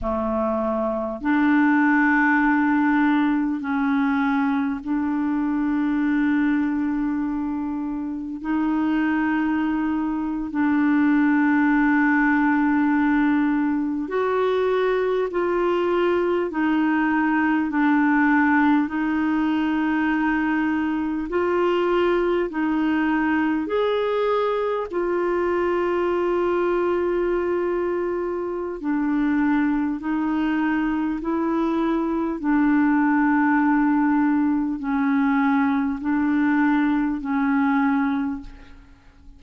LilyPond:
\new Staff \with { instrumentName = "clarinet" } { \time 4/4 \tempo 4 = 50 a4 d'2 cis'4 | d'2. dis'4~ | dis'8. d'2. fis'16~ | fis'8. f'4 dis'4 d'4 dis'16~ |
dis'4.~ dis'16 f'4 dis'4 gis'16~ | gis'8. f'2.~ f'16 | d'4 dis'4 e'4 d'4~ | d'4 cis'4 d'4 cis'4 | }